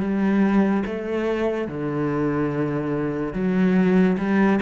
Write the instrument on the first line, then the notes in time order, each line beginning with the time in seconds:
cello
0.00 G3
0.86 A3
1.68 D3
3.33 F#3
4.18 G3